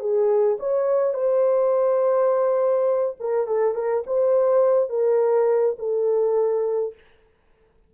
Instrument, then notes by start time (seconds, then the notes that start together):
horn
0.00 G#4
0.60 C#5
1.14 C5
3.20 A#4
3.47 A4
3.75 A#4
4.07 C5
4.90 A#4
5.79 A4